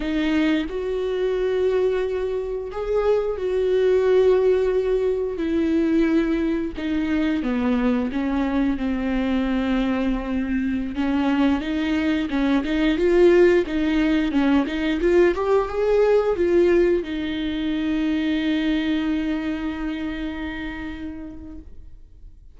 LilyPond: \new Staff \with { instrumentName = "viola" } { \time 4/4 \tempo 4 = 89 dis'4 fis'2. | gis'4 fis'2. | e'2 dis'4 b4 | cis'4 c'2.~ |
c'16 cis'4 dis'4 cis'8 dis'8 f'8.~ | f'16 dis'4 cis'8 dis'8 f'8 g'8 gis'8.~ | gis'16 f'4 dis'2~ dis'8.~ | dis'1 | }